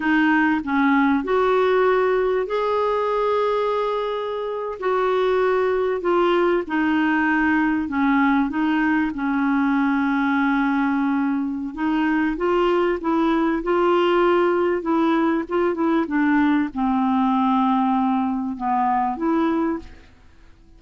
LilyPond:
\new Staff \with { instrumentName = "clarinet" } { \time 4/4 \tempo 4 = 97 dis'4 cis'4 fis'2 | gis'2.~ gis'8. fis'16~ | fis'4.~ fis'16 f'4 dis'4~ dis'16~ | dis'8. cis'4 dis'4 cis'4~ cis'16~ |
cis'2. dis'4 | f'4 e'4 f'2 | e'4 f'8 e'8 d'4 c'4~ | c'2 b4 e'4 | }